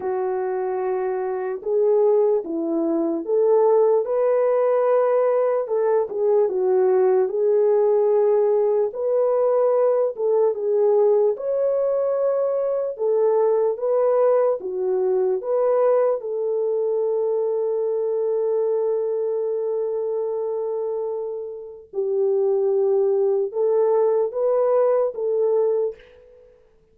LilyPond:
\new Staff \with { instrumentName = "horn" } { \time 4/4 \tempo 4 = 74 fis'2 gis'4 e'4 | a'4 b'2 a'8 gis'8 | fis'4 gis'2 b'4~ | b'8 a'8 gis'4 cis''2 |
a'4 b'4 fis'4 b'4 | a'1~ | a'2. g'4~ | g'4 a'4 b'4 a'4 | }